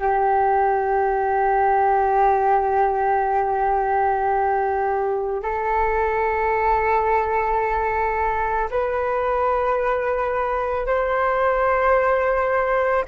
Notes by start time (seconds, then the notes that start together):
0.00 G4
5.43 A4
8.71 B4
10.87 C5